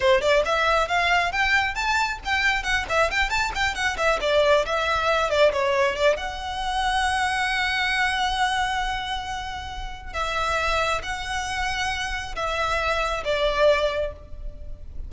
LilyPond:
\new Staff \with { instrumentName = "violin" } { \time 4/4 \tempo 4 = 136 c''8 d''8 e''4 f''4 g''4 | a''4 g''4 fis''8 e''8 g''8 a''8 | g''8 fis''8 e''8 d''4 e''4. | d''8 cis''4 d''8 fis''2~ |
fis''1~ | fis''2. e''4~ | e''4 fis''2. | e''2 d''2 | }